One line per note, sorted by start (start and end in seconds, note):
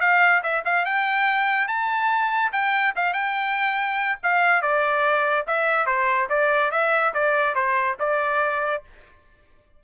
0.00 0.42 F5
0.43 0.64 E5
0.65 0.85 F5
0.85 1.67 G5
1.67 2.51 A5
2.52 2.94 G5
2.95 3.13 F5
3.13 4.18 G5
4.23 4.61 F5
4.61 5.45 D5
5.47 5.86 E5
5.86 6.28 C5
6.29 6.71 D5
6.71 7.13 E5
7.13 7.55 D5
7.55 7.97 C5
7.99 8.83 D5